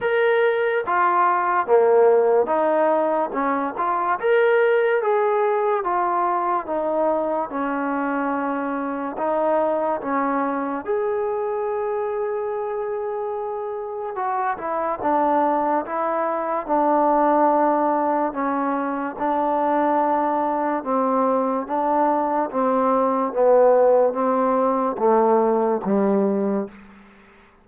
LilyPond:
\new Staff \with { instrumentName = "trombone" } { \time 4/4 \tempo 4 = 72 ais'4 f'4 ais4 dis'4 | cis'8 f'8 ais'4 gis'4 f'4 | dis'4 cis'2 dis'4 | cis'4 gis'2.~ |
gis'4 fis'8 e'8 d'4 e'4 | d'2 cis'4 d'4~ | d'4 c'4 d'4 c'4 | b4 c'4 a4 g4 | }